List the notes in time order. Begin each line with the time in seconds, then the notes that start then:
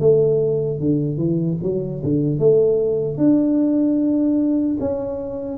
0.00 A3
0.80 D3
1.17 E3
1.63 F#3
2.04 D3
2.39 A3
3.17 D4
4.80 C#4